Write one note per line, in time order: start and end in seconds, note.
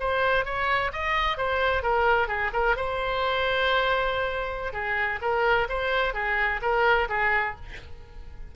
0.00 0.45 C5
0.45 0.92 C#5
0.93 1.38 D#5
1.38 1.83 C5
1.83 2.28 A#4
2.28 2.51 G#4
2.53 2.76 A#4
2.77 4.73 C5
4.73 5.20 G#4
5.22 5.68 A#4
5.69 6.14 C5
6.14 6.61 G#4
6.62 7.08 A#4
7.09 7.56 G#4